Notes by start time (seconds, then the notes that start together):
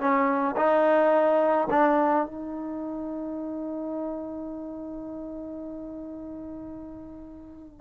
0.00 C#4
0.57 D#4
1.70 D4
2.26 D#4